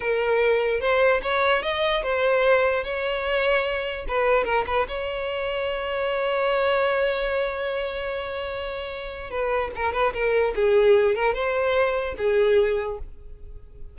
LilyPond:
\new Staff \with { instrumentName = "violin" } { \time 4/4 \tempo 4 = 148 ais'2 c''4 cis''4 | dis''4 c''2 cis''4~ | cis''2 b'4 ais'8 b'8 | cis''1~ |
cis''1~ | cis''2. b'4 | ais'8 b'8 ais'4 gis'4. ais'8 | c''2 gis'2 | }